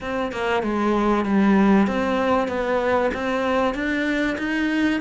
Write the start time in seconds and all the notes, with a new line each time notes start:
0.00 C4
0.32 A#3
0.62 G#3
1.25 G3
1.87 C4
2.48 B3
3.13 C4
3.74 D4
4.38 D#4